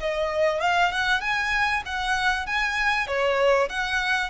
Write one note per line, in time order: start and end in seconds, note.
0.00 0.61 D#5
0.61 0.92 F5
0.92 1.21 F#5
1.21 1.83 G#5
1.86 2.46 F#5
2.46 3.07 G#5
3.07 3.69 C#5
3.69 4.30 F#5